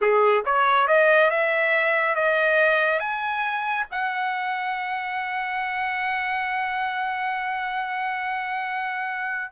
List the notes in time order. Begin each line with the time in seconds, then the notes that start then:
0.01 G#4
0.45 C#5
0.87 D#5
1.30 E5
2.15 D#5
2.99 G#5
3.91 F#5